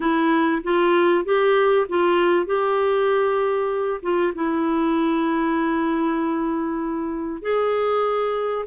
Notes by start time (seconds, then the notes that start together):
0.00 E4
0.63 F4
1.24 G4
1.89 F4
2.46 G4
4.02 F4
4.34 E4
7.41 G#4